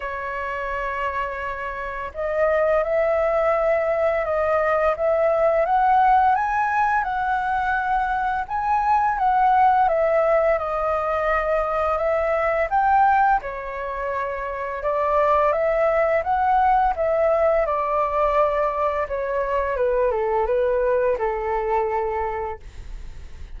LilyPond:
\new Staff \with { instrumentName = "flute" } { \time 4/4 \tempo 4 = 85 cis''2. dis''4 | e''2 dis''4 e''4 | fis''4 gis''4 fis''2 | gis''4 fis''4 e''4 dis''4~ |
dis''4 e''4 g''4 cis''4~ | cis''4 d''4 e''4 fis''4 | e''4 d''2 cis''4 | b'8 a'8 b'4 a'2 | }